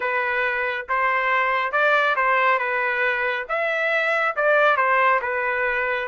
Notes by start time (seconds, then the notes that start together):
0.00 B4
0.88 C5
1.72 D5
2.15 C5
2.58 B4
3.48 E5
4.36 D5
4.76 C5
5.21 B4